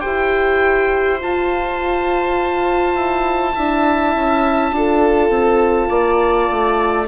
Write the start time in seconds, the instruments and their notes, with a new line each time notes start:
0.00 bassoon E4, horn G4, viola C5, oboe G5
1.19 horn F4, bassoon F4, oboe A5
2.95 bassoon E4
3.54 bassoon D4, horn E4, viola E5
4.15 bassoon C#4
4.72 bassoon D4, horn F4, viola A4
5.30 bassoon C4
5.89 bassoon A#3, viola D5
6.50 bassoon A3